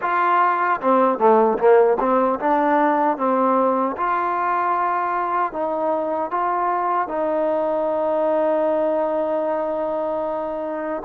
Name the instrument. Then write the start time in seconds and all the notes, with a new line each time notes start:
trombone
0.01 F4
0.81 C4
1.18 A3
1.58 A#3
1.99 C4
2.39 D4
3.17 C4
3.97 F4
5.52 D#4
6.30 F4
7.08 D#4